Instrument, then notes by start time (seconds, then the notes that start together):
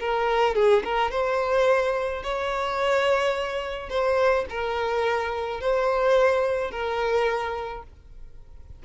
violin
0.00 A#4
0.55 G#4
0.84 A#4
1.11 C5
2.23 C#5
3.89 C5
4.49 A#4
5.60 C5
6.71 A#4